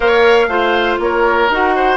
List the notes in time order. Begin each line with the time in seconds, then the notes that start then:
0.00 A#3 A#4 C#5 F5
0.47 A3 F4 C5
0.99 A#3 A#4 C#5
1.49 D#4 F#4 F#5
1.75 C5